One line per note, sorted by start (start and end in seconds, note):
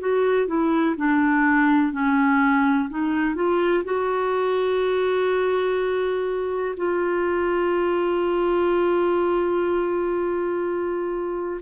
0.00 0.47 F#4
0.47 0.95 E4
0.97 1.92 D4
1.92 2.89 C#4
2.89 3.35 D#4
3.35 3.84 F4
3.84 6.74 F#4
6.77 11.60 F4